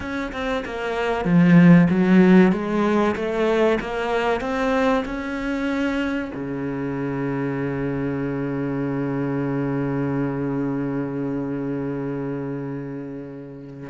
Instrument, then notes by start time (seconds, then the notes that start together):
cello
0.00 C#4
0.32 C4
0.65 A#3
1.24 F3
1.89 F#3
2.51 G#3
3.15 A3
3.80 A#3
4.40 C4
5.05 C#4
6.34 C#3